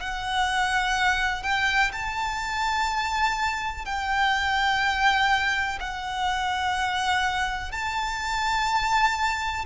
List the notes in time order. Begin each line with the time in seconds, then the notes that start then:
0.00 F#5
1.43 G5
1.93 A5
3.85 G5
5.80 F#5
7.72 A5